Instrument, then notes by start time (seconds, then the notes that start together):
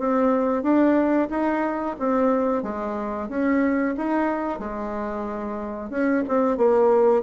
bassoon
0.00 C4
0.63 D4
1.31 D#4
2.00 C4
2.63 G#3
3.29 C#4
3.98 D#4
4.60 G#3
5.91 C#4
6.28 C4
6.58 A#3